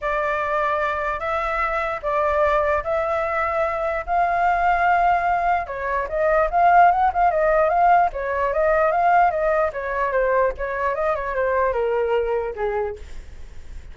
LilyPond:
\new Staff \with { instrumentName = "flute" } { \time 4/4 \tempo 4 = 148 d''2. e''4~ | e''4 d''2 e''4~ | e''2 f''2~ | f''2 cis''4 dis''4 |
f''4 fis''8 f''8 dis''4 f''4 | cis''4 dis''4 f''4 dis''4 | cis''4 c''4 cis''4 dis''8 cis''8 | c''4 ais'2 gis'4 | }